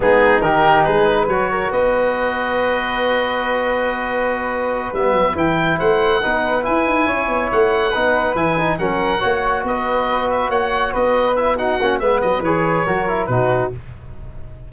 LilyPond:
<<
  \new Staff \with { instrumentName = "oboe" } { \time 4/4 \tempo 4 = 140 gis'4 ais'4 b'4 cis''4 | dis''1~ | dis''2.~ dis''8 e''8~ | e''8 g''4 fis''2 gis''8~ |
gis''4. fis''2 gis''8~ | gis''8 fis''2 dis''4. | e''8 fis''4 dis''4 e''8 fis''4 | e''8 dis''8 cis''2 b'4 | }
  \new Staff \with { instrumentName = "flute" } { \time 4/4 dis'4 g'4 gis'8 b'4 ais'8 | b'1~ | b'1~ | b'4. c''4 b'4.~ |
b'8 cis''2 b'4.~ | b'8 ais'4 cis''4 b'4.~ | b'8 cis''4 b'4. fis'4 | b'2 ais'4 fis'4 | }
  \new Staff \with { instrumentName = "trombone" } { \time 4/4 b4 dis'2 fis'4~ | fis'1~ | fis'2.~ fis'8 b8~ | b8 e'2 dis'4 e'8~ |
e'2~ e'8 dis'4 e'8 | dis'8 cis'4 fis'2~ fis'8~ | fis'2~ fis'8 e'8 dis'8 cis'8 | b4 gis'4 fis'8 e'8 dis'4 | }
  \new Staff \with { instrumentName = "tuba" } { \time 4/4 gis4 dis4 gis4 fis4 | b1~ | b2.~ b8 g8 | fis8 e4 a4 b4 e'8 |
dis'8 cis'8 b8 a4 b4 e8~ | e8 fis4 ais4 b4.~ | b8 ais4 b2 ais8 | gis8 fis8 e4 fis4 b,4 | }
>>